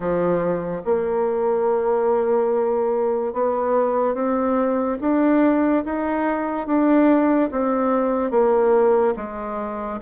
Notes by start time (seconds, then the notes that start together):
0.00 F3
0.84 A#3
3.33 B3
4.14 C4
5.00 D4
5.84 D#4
6.66 D4
7.51 C4
8.30 A#3
9.16 G#3